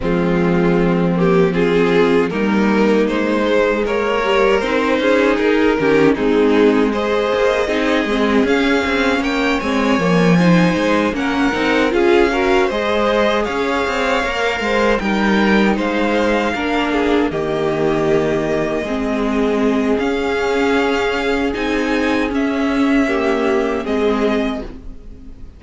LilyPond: <<
  \new Staff \with { instrumentName = "violin" } { \time 4/4 \tempo 4 = 78 f'4. g'8 gis'4 ais'4 | c''4 cis''4 c''4 ais'4 | gis'4 dis''2 f''4 | g''8 gis''2 fis''4 f''8~ |
f''8 dis''4 f''2 g''8~ | g''8 f''2 dis''4.~ | dis''2 f''2 | gis''4 e''2 dis''4 | }
  \new Staff \with { instrumentName = "violin" } { \time 4/4 c'2 f'4 dis'4~ | dis'4 ais'4. gis'4 g'8 | dis'4 c''4 gis'2 | cis''4. c''4 ais'4 gis'8 |
ais'8 c''4 cis''4. c''8 ais'8~ | ais'8 c''4 ais'8 gis'8 g'4.~ | g'8 gis'2.~ gis'8~ | gis'2 g'4 gis'4 | }
  \new Staff \with { instrumentName = "viola" } { \time 4/4 gis4. ais8 c'4 ais4~ | ais8 gis4 g8 dis'4. cis'8 | c'4 gis'4 dis'8 c'8 cis'4~ | cis'8 c'8 ais8 dis'4 cis'8 dis'8 f'8 |
fis'8 gis'2 ais'4 dis'8~ | dis'4. d'4 ais4.~ | ais8 c'4. cis'2 | dis'4 cis'4 ais4 c'4 | }
  \new Staff \with { instrumentName = "cello" } { \time 4/4 f2. g4 | gis4 ais4 c'8 cis'8 dis'8 dis8 | gis4. ais8 c'8 gis8 cis'8 c'8 | ais8 gis8 f4 gis8 ais8 c'8 cis'8~ |
cis'8 gis4 cis'8 c'8 ais8 gis8 g8~ | g8 gis4 ais4 dis4.~ | dis8 gis4. cis'2 | c'4 cis'2 gis4 | }
>>